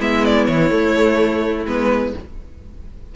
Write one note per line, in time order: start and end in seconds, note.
0.00 0.48 G#3
0.00 0.70 B3
0.00 2.16 E4
0.00 0.25 E5
0.25 0.46 D5
0.46 0.71 E3
0.46 1.66 C#5
0.70 1.66 A3
1.66 2.14 G#3
1.66 2.16 B3
1.66 2.15 B4